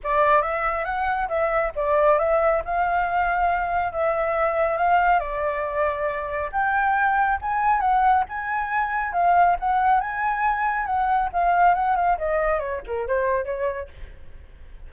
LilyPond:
\new Staff \with { instrumentName = "flute" } { \time 4/4 \tempo 4 = 138 d''4 e''4 fis''4 e''4 | d''4 e''4 f''2~ | f''4 e''2 f''4 | d''2. g''4~ |
g''4 gis''4 fis''4 gis''4~ | gis''4 f''4 fis''4 gis''4~ | gis''4 fis''4 f''4 fis''8 f''8 | dis''4 cis''8 ais'8 c''4 cis''4 | }